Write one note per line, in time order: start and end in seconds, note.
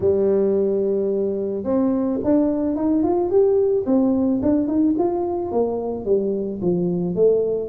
0.00 1.64 G3
1.64 2.19 C4
2.23 2.75 D4
2.75 3.03 D#4
3.03 3.30 F4
3.30 3.85 G4
3.85 4.40 C4
4.42 4.67 D4
4.67 4.95 D#4
4.98 5.51 F4
5.51 6.05 A#3
6.05 6.60 G3
6.61 7.15 F3
7.15 7.69 A3